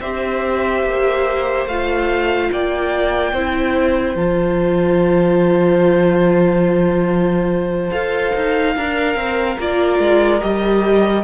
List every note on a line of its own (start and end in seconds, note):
0.00 0.84 C4
0.00 1.69 G4
0.00 2.50 C5
0.00 1.67 E5
0.84 1.65 A#3
1.65 2.49 A3
1.65 3.36 F4
1.65 2.50 F5
2.52 3.32 A#3
2.52 3.32 D5
2.52 4.16 G5
3.32 4.15 C4
3.32 4.17 E4
3.32 8.74 C5
4.15 7.90 F3
4.15 7.91 F4
4.15 7.91 A5
7.91 8.32 F4
7.91 8.74 A4
7.91 9.58 F5
8.35 8.76 D#4
8.75 9.15 D4
8.75 11.24 A#4
8.75 9.59 A#4
9.15 9.57 C4
9.59 9.99 A#3
9.59 10.40 F4
9.59 10.42 D5
9.99 10.40 G#3
10.40 11.24 G3
10.40 11.23 G4
10.40 11.24 D#5